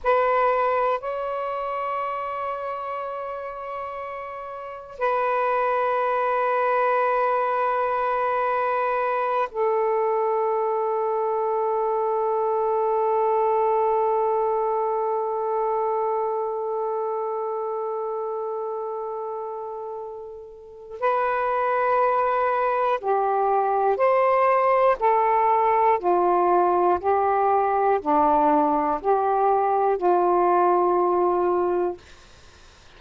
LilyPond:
\new Staff \with { instrumentName = "saxophone" } { \time 4/4 \tempo 4 = 60 b'4 cis''2.~ | cis''4 b'2.~ | b'4. a'2~ a'8~ | a'1~ |
a'1~ | a'4 b'2 g'4 | c''4 a'4 f'4 g'4 | d'4 g'4 f'2 | }